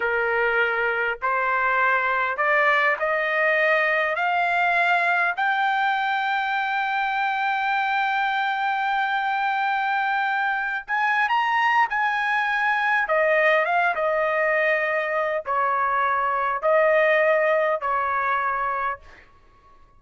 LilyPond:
\new Staff \with { instrumentName = "trumpet" } { \time 4/4 \tempo 4 = 101 ais'2 c''2 | d''4 dis''2 f''4~ | f''4 g''2.~ | g''1~ |
g''2~ g''16 gis''8. ais''4 | gis''2 dis''4 f''8 dis''8~ | dis''2 cis''2 | dis''2 cis''2 | }